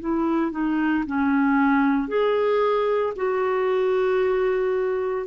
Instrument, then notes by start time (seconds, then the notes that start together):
clarinet
0.00 E4
0.51 D#4
1.07 C#4
2.08 G#4
3.16 F#4